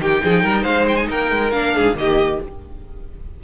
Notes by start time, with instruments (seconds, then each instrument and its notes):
0.00 cello D#3, viola D#4, violin G4 G5
0.24 cello F3, violin G#4
0.43 cello G3, violin A#4
0.63 cello G#3, violin C5 F5
0.89 violin G5
0.97 violin G#5
1.10 cello A#3, violin A#4 G5
1.31 cello G#3
1.52 cello A#3, viola D4, violin F5
1.75 cello G#2, violin G#4
1.95 cello D#3, viola A#3, violin G4 D#5